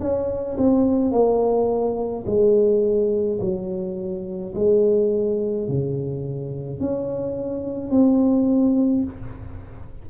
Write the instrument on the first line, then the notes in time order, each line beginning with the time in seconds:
tuba
0.00 C#4
0.58 C4
1.12 A#3
2.26 G#3
3.41 F#3
4.55 G#3
5.68 C#3
6.80 C#4
7.91 C4